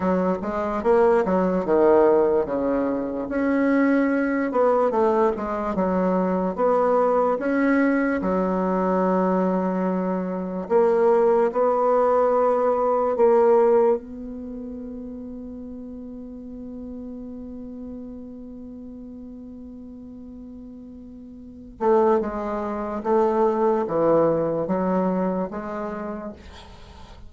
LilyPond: \new Staff \with { instrumentName = "bassoon" } { \time 4/4 \tempo 4 = 73 fis8 gis8 ais8 fis8 dis4 cis4 | cis'4. b8 a8 gis8 fis4 | b4 cis'4 fis2~ | fis4 ais4 b2 |
ais4 b2.~ | b1~ | b2~ b8 a8 gis4 | a4 e4 fis4 gis4 | }